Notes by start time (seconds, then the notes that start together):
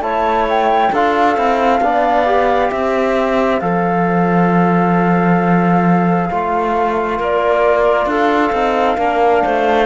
0.00 A3 E4 C#5 A5
0.50 G5
0.92 D4 F4 A4 F5
1.36 C4 E4
1.81 B3 D4 D5
2.26 G4
2.71 C4 C5 E5
3.60 F3 A4 F5
6.31 A3 F4
7.18 A#3 A#4 D5
8.07 D4 A4 F5
8.52 C4 D#4
8.98 A#3 D4 A#4
9.43 A3 C5